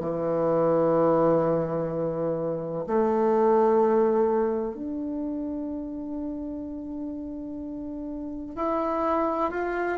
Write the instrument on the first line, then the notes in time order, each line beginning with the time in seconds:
bassoon
0.00 E3
2.87 A3
4.75 D4
8.56 E4
9.51 F4